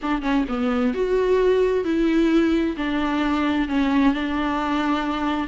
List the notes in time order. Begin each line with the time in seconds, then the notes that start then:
0.02 D4
0.21 C#4
0.48 B3
0.94 F#4
1.84 E4
2.76 D4
3.68 C#4
4.13 D4